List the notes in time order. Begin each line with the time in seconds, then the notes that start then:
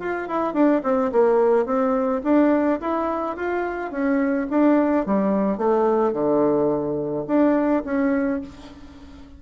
0.00 F4
0.28 E4
0.54 D4
0.84 C4
1.12 A#3
1.66 C4
2.24 D4
2.81 E4
3.37 F4
3.92 C#4
4.50 D4
5.06 G3
5.58 A3
6.13 D3
7.27 D4
7.85 C#4